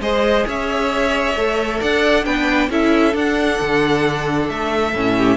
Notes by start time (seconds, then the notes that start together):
0.00 G#3 G#4 C5 D#5
0.47 C#4 C#5 E5
1.36 A3 A4
1.81 D4 D5 F#5
2.25 B3 D4 B4 G5
2.69 C#4 E4 A4 E5
3.13 D4 F#5
3.61 D3
4.50 A3 E5
4.95 A2 C#4
5.17 G4